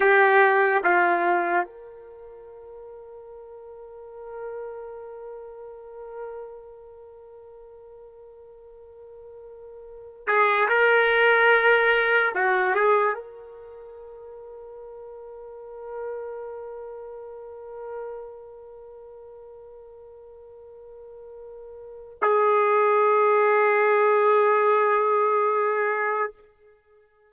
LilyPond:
\new Staff \with { instrumentName = "trumpet" } { \time 4/4 \tempo 4 = 73 g'4 f'4 ais'2~ | ais'1~ | ais'1~ | ais'8 gis'8 ais'2 fis'8 gis'8 |
ais'1~ | ais'1~ | ais'2. gis'4~ | gis'1 | }